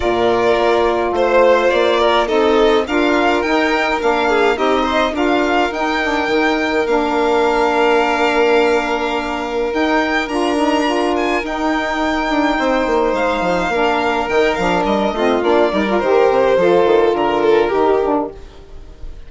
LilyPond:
<<
  \new Staff \with { instrumentName = "violin" } { \time 4/4 \tempo 4 = 105 d''2 c''4 d''4 | dis''4 f''4 g''4 f''4 | dis''4 f''4 g''2 | f''1~ |
f''4 g''4 ais''4. gis''8 | g''2. f''4~ | f''4 g''8 f''8 dis''4 d''4 | c''2 ais'2 | }
  \new Staff \with { instrumentName = "violin" } { \time 4/4 ais'2 c''4. ais'8 | a'4 ais'2~ ais'8 gis'8 | g'8 c''8 ais'2.~ | ais'1~ |
ais'1~ | ais'2 c''2 | ais'2~ ais'8 f'4 ais'8~ | ais'4 a'4 ais'8 a'8 g'4 | }
  \new Staff \with { instrumentName = "saxophone" } { \time 4/4 f'1 | dis'4 f'4 dis'4 d'4 | dis'4 f'4 dis'8 d'8 dis'4 | d'1~ |
d'4 dis'4 f'8 dis'8 f'4 | dis'1 | d'4 dis'8 d'4 c'8 d'8 dis'16 f'16 | g'4 f'2 dis'8 d'8 | }
  \new Staff \with { instrumentName = "bassoon" } { \time 4/4 ais,4 ais4 a4 ais4 | c'4 d'4 dis'4 ais4 | c'4 d'4 dis'4 dis4 | ais1~ |
ais4 dis'4 d'2 | dis'4. d'8 c'8 ais8 gis8 f8 | ais4 dis8 f8 g8 a8 ais8 g8 | dis8 c8 f8 dis8 d4 dis4 | }
>>